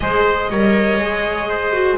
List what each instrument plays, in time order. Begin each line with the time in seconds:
0.00 double bass G#3, viola G#4, trumpet C5, violin D#5
0.49 double bass G3, viola A#4, trumpet C#5
0.98 double bass G#3, viola G#4
1.48 trumpet C5
1.72 viola F#4